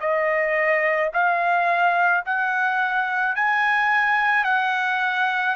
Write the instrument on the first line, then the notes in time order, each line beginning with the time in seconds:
trumpet
0.00 D#5
1.13 F5
2.26 F#5
3.35 G#5
4.44 F#5